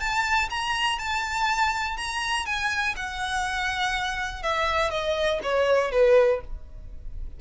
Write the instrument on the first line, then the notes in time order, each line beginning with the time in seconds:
violin
0.00 A5
0.50 A#5
0.99 A5
1.97 A#5
2.46 G#5
2.96 F#5
4.43 E5
4.91 D#5
5.43 C#5
5.92 B4